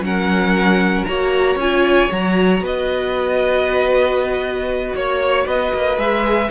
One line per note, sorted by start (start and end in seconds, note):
0.00 1.03 F#3
0.00 1.07 C#4
0.00 1.08 A#4
0.00 1.04 F#5
1.04 1.55 A#3
1.04 1.59 F#4
1.04 2.63 C#5
1.04 1.56 A#5
1.55 2.07 C#4
1.55 2.11 F4
1.55 2.11 G#5
2.11 2.60 F#3
2.11 5.97 F#4
2.11 2.63 A#5
2.60 4.93 B3
2.60 4.96 B4
2.60 4.95 D#5
4.95 5.46 A#3
4.95 5.47 C#5
4.95 5.46 C#5
5.46 5.72 B3
5.46 6.49 B4
5.46 5.99 D#5
5.73 5.97 A#3
5.97 6.49 G#3
5.97 6.49 G#4
5.97 6.51 E5